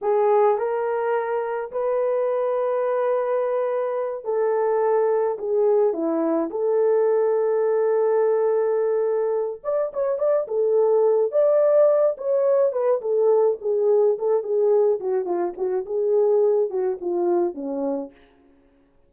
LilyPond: \new Staff \with { instrumentName = "horn" } { \time 4/4 \tempo 4 = 106 gis'4 ais'2 b'4~ | b'2.~ b'8 a'8~ | a'4. gis'4 e'4 a'8~ | a'1~ |
a'4 d''8 cis''8 d''8 a'4. | d''4. cis''4 b'8 a'4 | gis'4 a'8 gis'4 fis'8 f'8 fis'8 | gis'4. fis'8 f'4 cis'4 | }